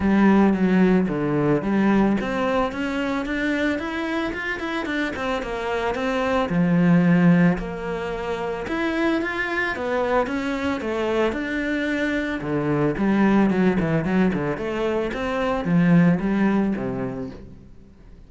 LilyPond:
\new Staff \with { instrumentName = "cello" } { \time 4/4 \tempo 4 = 111 g4 fis4 d4 g4 | c'4 cis'4 d'4 e'4 | f'8 e'8 d'8 c'8 ais4 c'4 | f2 ais2 |
e'4 f'4 b4 cis'4 | a4 d'2 d4 | g4 fis8 e8 fis8 d8 a4 | c'4 f4 g4 c4 | }